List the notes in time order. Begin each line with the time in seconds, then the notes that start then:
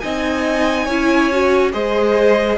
0.00 C4 D#4 D#5 G#5
0.85 C#4 E4 C#5
1.32 F#4
1.72 G#3 G#4 C5 D#5